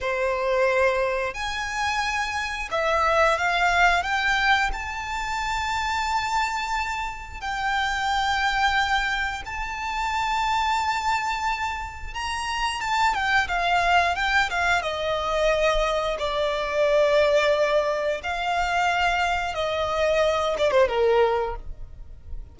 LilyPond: \new Staff \with { instrumentName = "violin" } { \time 4/4 \tempo 4 = 89 c''2 gis''2 | e''4 f''4 g''4 a''4~ | a''2. g''4~ | g''2 a''2~ |
a''2 ais''4 a''8 g''8 | f''4 g''8 f''8 dis''2 | d''2. f''4~ | f''4 dis''4. d''16 c''16 ais'4 | }